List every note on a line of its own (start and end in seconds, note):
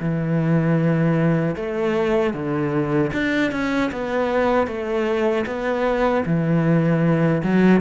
0.00 1.56 E3
1.56 2.34 A3
2.34 3.12 D3
3.13 3.52 D4
3.52 3.91 C#4
3.92 4.67 B3
4.67 5.45 A3
5.47 6.24 B3
6.26 7.43 E3
7.43 7.81 F#3